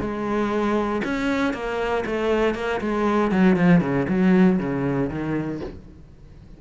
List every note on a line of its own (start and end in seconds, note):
0.00 1.02 G#3
1.04 1.53 C#4
1.53 2.04 A#3
2.06 2.54 A3
2.54 2.80 A#3
2.81 3.31 G#3
3.31 3.56 F#3
3.56 3.81 F3
3.81 4.06 C#3
4.09 4.59 F#3
4.59 5.10 C#3
5.10 5.60 D#3